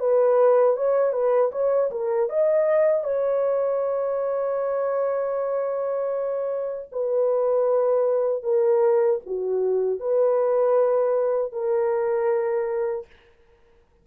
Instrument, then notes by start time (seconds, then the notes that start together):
horn
0.00 B4
0.77 C#5
1.13 B4
1.52 C#5
1.92 A#4
2.30 D#5
3.04 C#5
6.92 B4
8.44 A#4
9.27 F#4
10.00 B4
11.53 A#4